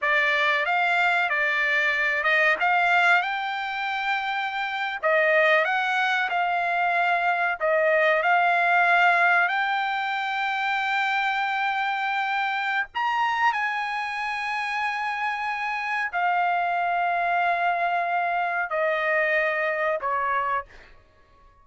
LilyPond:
\new Staff \with { instrumentName = "trumpet" } { \time 4/4 \tempo 4 = 93 d''4 f''4 d''4. dis''8 | f''4 g''2~ g''8. dis''16~ | dis''8. fis''4 f''2 dis''16~ | dis''8. f''2 g''4~ g''16~ |
g''1 | ais''4 gis''2.~ | gis''4 f''2.~ | f''4 dis''2 cis''4 | }